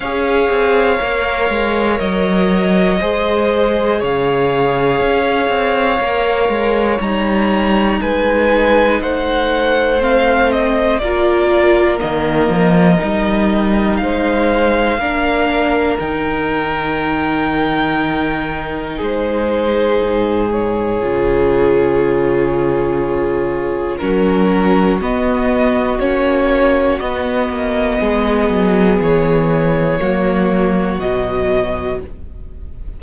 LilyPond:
<<
  \new Staff \with { instrumentName = "violin" } { \time 4/4 \tempo 4 = 60 f''2 dis''2 | f''2. ais''4 | gis''4 fis''4 f''8 dis''8 d''4 | dis''2 f''2 |
g''2. c''4~ | c''8 cis''2.~ cis''8 | ais'4 dis''4 cis''4 dis''4~ | dis''4 cis''2 dis''4 | }
  \new Staff \with { instrumentName = "violin" } { \time 4/4 cis''2. c''4 | cis''1 | b'4 c''2 ais'4~ | ais'2 c''4 ais'4~ |
ais'2. gis'4~ | gis'1 | fis'1 | gis'2 fis'2 | }
  \new Staff \with { instrumentName = "viola" } { \time 4/4 gis'4 ais'2 gis'4~ | gis'2 ais'4 dis'4~ | dis'2 c'4 f'4 | ais4 dis'2 d'4 |
dis'1~ | dis'4 f'2. | cis'4 b4 cis'4 b4~ | b2 ais4 fis4 | }
  \new Staff \with { instrumentName = "cello" } { \time 4/4 cis'8 c'8 ais8 gis8 fis4 gis4 | cis4 cis'8 c'8 ais8 gis8 g4 | gis4 a2 ais4 | dis8 f8 g4 gis4 ais4 |
dis2. gis4 | gis,4 cis2. | fis4 b4 ais4 b8 ais8 | gis8 fis8 e4 fis4 b,4 | }
>>